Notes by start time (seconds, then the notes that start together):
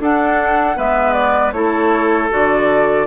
0.00 D4 A4 F#5
0.76 G#3 B3 B4 E5
1.13 D5
1.53 A3 E4 A4 C#5
2.30 D3 F#4 D5